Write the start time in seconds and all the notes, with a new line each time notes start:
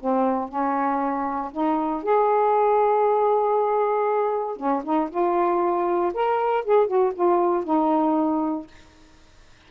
0.00 C4
0.49 C#4
1.52 D#4
2.03 G#4
4.57 C#4
4.84 D#4
5.10 F4
6.14 A#4
6.65 G#4
6.87 F#4
7.15 F4
7.65 D#4